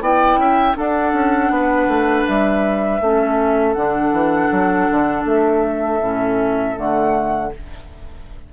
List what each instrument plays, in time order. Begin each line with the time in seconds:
0.00 bassoon B3, clarinet E4, oboe D5, flute G5
0.36 bassoon C#4, oboe E5
0.74 clarinet D4, bassoon D4, oboe A4, flute F#5
1.13 bassoon C#4
1.50 bassoon B3, oboe B4
1.88 bassoon A3
2.26 bassoon G3, flute E5
3.00 bassoon A3, clarinet C#4, oboe A4
3.73 bassoon D3, clarinet D4, flute F#5
4.12 bassoon E3
4.51 bassoon F#3
4.90 bassoon D3
5.25 bassoon A3, flute E5
6.00 bassoon A2, clarinet C#4
6.75 bassoon D3, clarinet A3, flute F#5